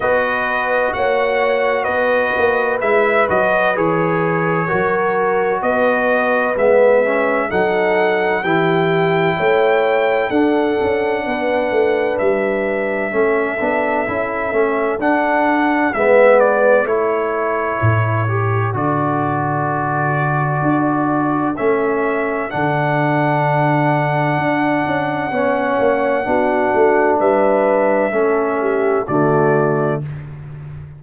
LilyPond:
<<
  \new Staff \with { instrumentName = "trumpet" } { \time 4/4 \tempo 4 = 64 dis''4 fis''4 dis''4 e''8 dis''8 | cis''2 dis''4 e''4 | fis''4 g''2 fis''4~ | fis''4 e''2. |
fis''4 e''8 d''8 cis''2 | d''2. e''4 | fis''1~ | fis''4 e''2 d''4 | }
  \new Staff \with { instrumentName = "horn" } { \time 4/4 b'4 cis''4 b'2~ | b'4 ais'4 b'2 | a'4 g'4 cis''4 a'4 | b'2 a'2~ |
a'4 b'4 a'2~ | a'1~ | a'2. cis''4 | fis'4 b'4 a'8 g'8 fis'4 | }
  \new Staff \with { instrumentName = "trombone" } { \time 4/4 fis'2. e'8 fis'8 | gis'4 fis'2 b8 cis'8 | dis'4 e'2 d'4~ | d'2 cis'8 d'8 e'8 cis'8 |
d'4 b4 e'4. g'8 | fis'2. cis'4 | d'2. cis'4 | d'2 cis'4 a4 | }
  \new Staff \with { instrumentName = "tuba" } { \time 4/4 b4 ais4 b8 ais8 gis8 fis8 | e4 fis4 b4 gis4 | fis4 e4 a4 d'8 cis'8 | b8 a8 g4 a8 b8 cis'8 a8 |
d'4 gis4 a4 a,4 | d2 d'4 a4 | d2 d'8 cis'8 b8 ais8 | b8 a8 g4 a4 d4 | }
>>